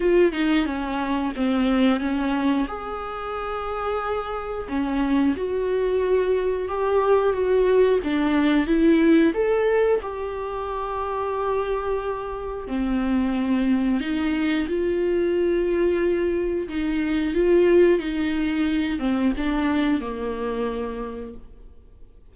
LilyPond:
\new Staff \with { instrumentName = "viola" } { \time 4/4 \tempo 4 = 90 f'8 dis'8 cis'4 c'4 cis'4 | gis'2. cis'4 | fis'2 g'4 fis'4 | d'4 e'4 a'4 g'4~ |
g'2. c'4~ | c'4 dis'4 f'2~ | f'4 dis'4 f'4 dis'4~ | dis'8 c'8 d'4 ais2 | }